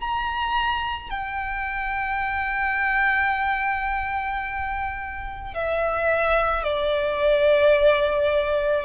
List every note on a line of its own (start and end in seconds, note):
0.00 1.10 A#5
1.10 5.54 G5
5.54 6.63 E5
6.63 8.85 D5